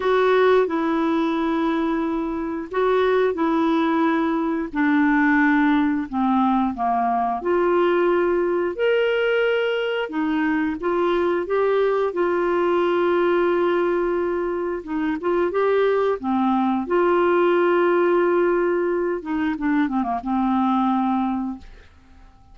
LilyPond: \new Staff \with { instrumentName = "clarinet" } { \time 4/4 \tempo 4 = 89 fis'4 e'2. | fis'4 e'2 d'4~ | d'4 c'4 ais4 f'4~ | f'4 ais'2 dis'4 |
f'4 g'4 f'2~ | f'2 dis'8 f'8 g'4 | c'4 f'2.~ | f'8 dis'8 d'8 c'16 ais16 c'2 | }